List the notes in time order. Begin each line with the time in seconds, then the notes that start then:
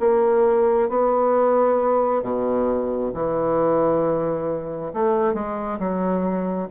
0.00 A#3
0.89 B3
2.23 B2
3.14 E3
4.94 A3
5.34 G#3
5.79 F#3